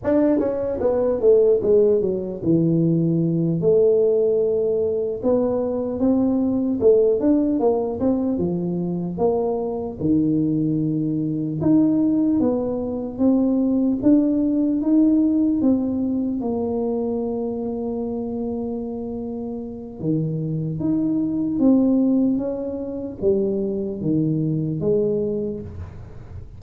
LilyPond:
\new Staff \with { instrumentName = "tuba" } { \time 4/4 \tempo 4 = 75 d'8 cis'8 b8 a8 gis8 fis8 e4~ | e8 a2 b4 c'8~ | c'8 a8 d'8 ais8 c'8 f4 ais8~ | ais8 dis2 dis'4 b8~ |
b8 c'4 d'4 dis'4 c'8~ | c'8 ais2.~ ais8~ | ais4 dis4 dis'4 c'4 | cis'4 g4 dis4 gis4 | }